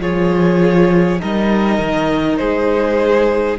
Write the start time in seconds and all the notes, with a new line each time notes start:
0.00 F3 F4 G#4 C#5
1.20 G3 D#4 A#4 D#5
1.79 D#3
2.38 G#3 G#4 C5